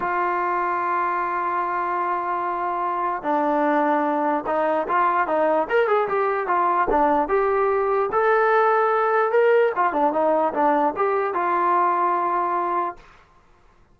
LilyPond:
\new Staff \with { instrumentName = "trombone" } { \time 4/4 \tempo 4 = 148 f'1~ | f'1 | d'2. dis'4 | f'4 dis'4 ais'8 gis'8 g'4 |
f'4 d'4 g'2 | a'2. ais'4 | f'8 d'8 dis'4 d'4 g'4 | f'1 | }